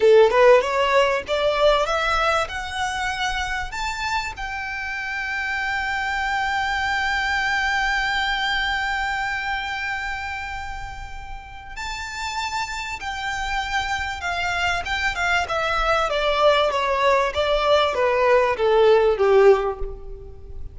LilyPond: \new Staff \with { instrumentName = "violin" } { \time 4/4 \tempo 4 = 97 a'8 b'8 cis''4 d''4 e''4 | fis''2 a''4 g''4~ | g''1~ | g''1~ |
g''2. a''4~ | a''4 g''2 f''4 | g''8 f''8 e''4 d''4 cis''4 | d''4 b'4 a'4 g'4 | }